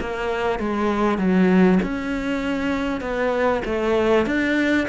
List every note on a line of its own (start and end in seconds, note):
0.00 0.59 A#3
0.59 1.18 G#3
1.18 1.79 F#3
1.83 3.01 C#4
3.01 3.62 B3
3.65 4.26 A3
4.26 4.87 D4